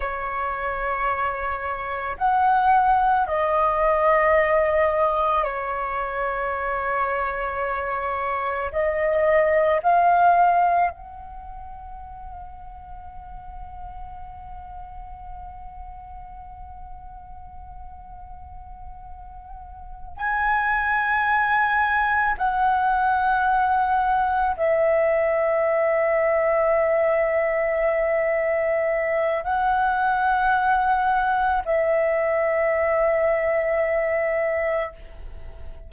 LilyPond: \new Staff \with { instrumentName = "flute" } { \time 4/4 \tempo 4 = 55 cis''2 fis''4 dis''4~ | dis''4 cis''2. | dis''4 f''4 fis''2~ | fis''1~ |
fis''2~ fis''8 gis''4.~ | gis''8 fis''2 e''4.~ | e''2. fis''4~ | fis''4 e''2. | }